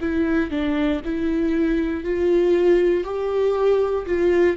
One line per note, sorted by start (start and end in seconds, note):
0.00 0.50 E4
0.50 1.01 D4
1.04 2.04 E4
2.04 3.04 F4
3.04 4.05 G4
4.06 4.57 F4